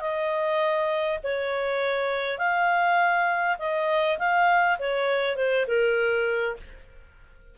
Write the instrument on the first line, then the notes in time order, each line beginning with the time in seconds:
clarinet
0.00 D#5
1.23 C#5
2.38 F5
3.59 D#5
4.19 F5
4.79 C#5
5.36 C5
5.67 A#4